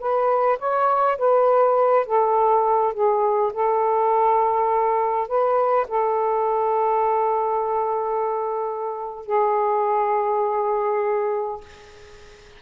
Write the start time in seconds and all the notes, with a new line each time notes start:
0.00 B4
0.59 C#5
1.18 B4
2.06 A4
2.93 G#4
3.53 A4
5.28 B4
5.88 A4
9.26 G#4